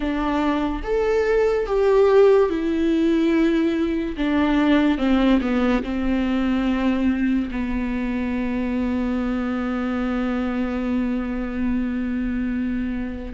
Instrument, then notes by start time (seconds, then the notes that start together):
viola
0.00 D4
0.83 A4
1.66 G4
2.49 E4
4.16 D4
4.98 C4
5.41 B3
5.83 C4
7.51 B3